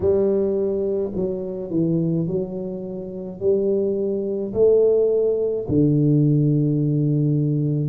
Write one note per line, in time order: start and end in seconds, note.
0.00 1.11 G3
1.15 1.70 F#3
1.70 2.26 E3
2.26 3.40 F#3
3.40 4.53 G3
4.53 5.66 A3
5.68 7.89 D3